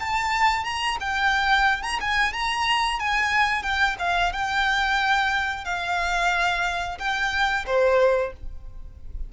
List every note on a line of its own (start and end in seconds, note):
0.00 0.65 A5
0.65 0.98 A#5
1.01 1.83 G5
1.83 2.00 A#5
2.01 2.33 G#5
2.33 3.00 A#5
3.00 3.63 G#5
3.63 3.96 G5
3.99 4.33 F5
4.33 5.65 G5
5.65 6.98 F5
6.99 7.65 G5
7.66 8.33 C5